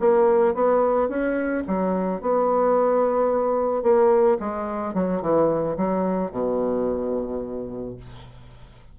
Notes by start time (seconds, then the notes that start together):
0.00 A#3
0.55 B3
1.09 C#4
1.68 F#3
2.22 B3
3.83 A#3
4.40 G#3
4.94 F#3
5.22 E3
5.77 F#3
6.32 B2